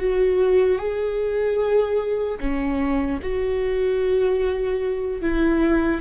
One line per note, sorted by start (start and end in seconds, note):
0.00 0.79 F#4
0.79 2.39 G#4
2.40 3.20 C#4
3.22 5.21 F#4
5.21 6.01 E4